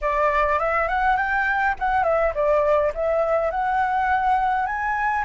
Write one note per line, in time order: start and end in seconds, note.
0.01 0.59 D5
0.59 0.88 E5
0.88 1.17 F#5
1.17 1.75 G5
1.79 2.03 F#5
2.03 2.32 E5
2.34 2.92 D5
2.94 3.50 E5
3.50 4.66 F#5
4.66 5.24 G#5